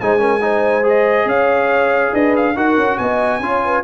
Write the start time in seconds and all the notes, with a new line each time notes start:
0.00 G#3 D#4 C5 G#5
0.18 C#4 A#4
0.41 D#4 C5
0.83 G#4 D#5
1.25 C#4 C#5 F5
2.12 D4 B4 D#5
2.36 F5
2.55 D#4 F#4 A#4 F#5
2.77 C#4
2.98 B3 D#5 G#5
3.40 C#4 F4 C#5
3.64 B4